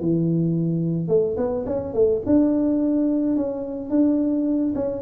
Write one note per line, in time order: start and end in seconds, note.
0.00 1.08 E3
1.08 1.36 A3
1.37 1.65 B3
1.66 1.94 C#4
1.94 2.22 A3
2.26 3.36 D4
3.36 3.90 C#4
3.90 4.74 D4
4.75 5.02 C#4